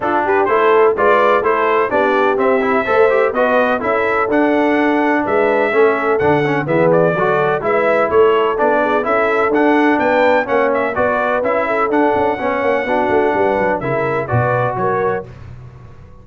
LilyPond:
<<
  \new Staff \with { instrumentName = "trumpet" } { \time 4/4 \tempo 4 = 126 a'8 b'8 c''4 d''4 c''4 | d''4 e''2 dis''4 | e''4 fis''2 e''4~ | e''4 fis''4 e''8 d''4. |
e''4 cis''4 d''4 e''4 | fis''4 g''4 fis''8 e''8 d''4 | e''4 fis''2.~ | fis''4 e''4 d''4 cis''4 | }
  \new Staff \with { instrumentName = "horn" } { \time 4/4 f'8 g'8 a'4 b'4 a'4 | g'2 c''4 b'4 | a'2. b'4 | a'2 gis'4 a'4 |
b'4 a'4. gis'8 a'4~ | a'4 b'4 cis''4 b'4~ | b'8 a'4. cis''4 fis'4 | b'4 ais'4 b'4 ais'4 | }
  \new Staff \with { instrumentName = "trombone" } { \time 4/4 d'4 e'4 f'4 e'4 | d'4 c'8 e'8 a'8 g'8 fis'4 | e'4 d'2. | cis'4 d'8 cis'8 b4 fis'4 |
e'2 d'4 e'4 | d'2 cis'4 fis'4 | e'4 d'4 cis'4 d'4~ | d'4 e'4 fis'2 | }
  \new Staff \with { instrumentName = "tuba" } { \time 4/4 d'4 a4 gis4 a4 | b4 c'4 a4 b4 | cis'4 d'2 gis4 | a4 d4 e4 fis4 |
gis4 a4 b4 cis'4 | d'4 b4 ais4 b4 | cis'4 d'8 cis'8 b8 ais8 b8 a8 | g8 fis8 cis4 b,4 fis4 | }
>>